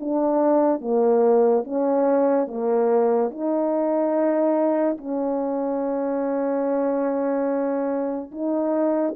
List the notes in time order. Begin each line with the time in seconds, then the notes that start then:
0.00 D4
0.81 A#3
1.64 C#4
2.47 A#3
3.30 D#4
4.97 C#4
8.31 D#4